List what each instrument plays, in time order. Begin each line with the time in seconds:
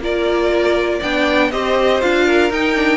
0.00 cello A#3, viola F4, violin A#4 D5
0.99 cello B3, viola D4, violin D5 G5
1.51 cello C4, viola G4, violin C5 D#5
2.01 cello D4, viola F4, violin F5
2.26 violin A#4
2.51 cello D#4, viola D#4, violin G5
2.75 viola D4